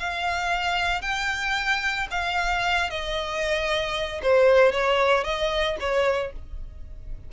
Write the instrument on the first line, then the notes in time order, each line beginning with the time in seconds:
violin
0.00 F5
1.02 G5
2.11 F5
2.90 D#5
4.23 C5
4.72 C#5
5.24 D#5
5.80 C#5